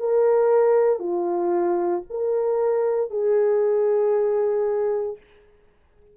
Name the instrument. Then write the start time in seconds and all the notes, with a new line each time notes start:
horn
0.00 A#4
1.00 F4
2.11 A#4
3.11 G#4